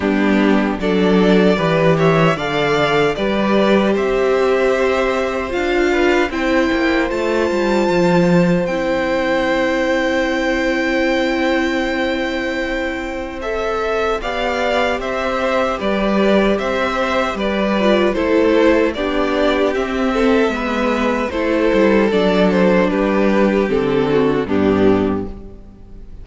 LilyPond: <<
  \new Staff \with { instrumentName = "violin" } { \time 4/4 \tempo 4 = 76 g'4 d''4. e''8 f''4 | d''4 e''2 f''4 | g''4 a''2 g''4~ | g''1~ |
g''4 e''4 f''4 e''4 | d''4 e''4 d''4 c''4 | d''4 e''2 c''4 | d''8 c''8 b'4 a'4 g'4 | }
  \new Staff \with { instrumentName = "violin" } { \time 4/4 d'4 a'4 b'8 cis''8 d''4 | b'4 c''2~ c''8 b'8 | c''1~ | c''1~ |
c''2 d''4 c''4 | b'4 c''4 b'4 a'4 | g'4. a'8 b'4 a'4~ | a'4 g'4. fis'8 d'4 | }
  \new Staff \with { instrumentName = "viola" } { \time 4/4 b4 d'4 g'4 a'4 | g'2. f'4 | e'4 f'2 e'4~ | e'1~ |
e'4 a'4 g'2~ | g'2~ g'8 f'8 e'4 | d'4 c'4 b4 e'4 | d'2 c'4 b4 | }
  \new Staff \with { instrumentName = "cello" } { \time 4/4 g4 fis4 e4 d4 | g4 c'2 d'4 | c'8 ais8 a8 g8 f4 c'4~ | c'1~ |
c'2 b4 c'4 | g4 c'4 g4 a4 | b4 c'4 gis4 a8 g8 | fis4 g4 d4 g,4 | }
>>